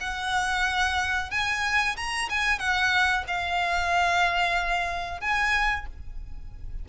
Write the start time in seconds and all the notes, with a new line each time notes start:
0.00 F#5
1.31 G#5
1.97 A#5
2.29 G#5
2.59 F#5
3.28 F5
5.21 G#5